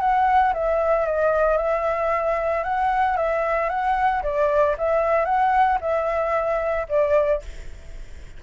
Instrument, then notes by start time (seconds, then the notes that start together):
flute
0.00 F#5
0.54 E5
1.06 D#5
1.57 E5
2.64 F#5
3.17 E5
3.70 F#5
4.23 D5
4.78 E5
5.25 F#5
5.81 E5
6.89 D5